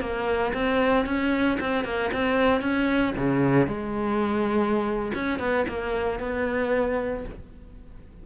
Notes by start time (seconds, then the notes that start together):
0.00 A#3
0.53 C4
1.06 C#4
1.60 C4
1.84 A#3
2.12 C4
2.61 C#4
3.17 C#3
3.67 G#3
5.14 C#4
5.39 B3
5.68 A#3
6.19 B3